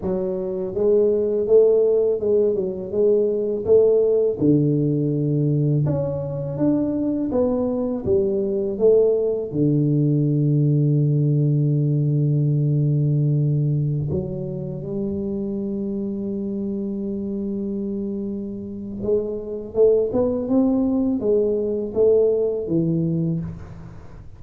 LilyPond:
\new Staff \with { instrumentName = "tuba" } { \time 4/4 \tempo 4 = 82 fis4 gis4 a4 gis8 fis8 | gis4 a4 d2 | cis'4 d'4 b4 g4 | a4 d2.~ |
d2.~ d16 fis8.~ | fis16 g2.~ g8.~ | g2 gis4 a8 b8 | c'4 gis4 a4 e4 | }